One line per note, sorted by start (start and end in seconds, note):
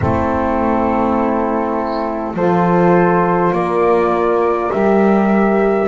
0.00 2.34 A3
0.00 2.35 C4
0.00 2.35 E4
0.00 2.36 A4
2.34 3.51 F3
2.34 4.70 F4
2.34 3.53 A4
2.34 3.53 C5
3.52 4.70 A#3
3.52 5.87 A#4
3.52 4.71 D5
4.70 5.87 G3
4.70 5.87 G4
4.70 5.87 E5